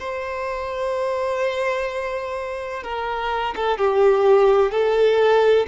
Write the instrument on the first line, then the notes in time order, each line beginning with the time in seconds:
violin
0.00 C5
2.84 A#4
3.56 A4
3.78 G4
4.71 A4